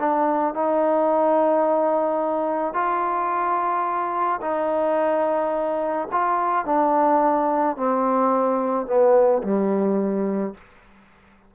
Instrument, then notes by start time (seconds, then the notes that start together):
trombone
0.00 D4
0.55 D#4
2.74 F4
4.42 D#4
6.12 F4
6.66 D4
7.77 C4
8.87 B3
9.43 G3